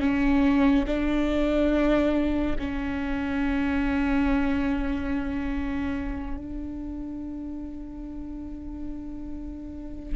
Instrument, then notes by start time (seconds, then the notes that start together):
viola
0.00 C#4
0.87 D4
2.59 C#4
6.37 D4